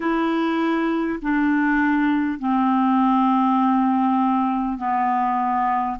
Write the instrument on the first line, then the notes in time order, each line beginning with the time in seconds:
clarinet
0.00 E4
1.22 D4
2.38 C4
4.77 B3